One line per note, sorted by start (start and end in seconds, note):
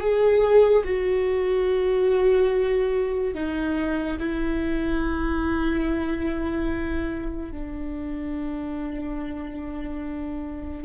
0.00 0.83 G#4
0.84 3.34 F#4
3.34 4.17 D#4
4.19 7.52 E4
7.52 10.84 D4